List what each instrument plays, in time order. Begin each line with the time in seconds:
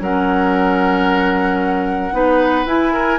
0.00 bassoon F#3, clarinet C#4, oboe A#4, flute F#5
2.12 bassoon B3, clarinet D#4, oboe B4
2.65 bassoon E4, clarinet E4, flute G#5
2.92 oboe A#4